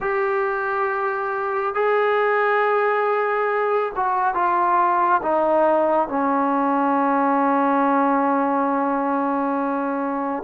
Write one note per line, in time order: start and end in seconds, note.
0.00 1.74 G4
1.74 3.91 G#4
3.96 4.34 F#4
4.34 5.21 F4
5.22 6.08 D#4
6.08 10.43 C#4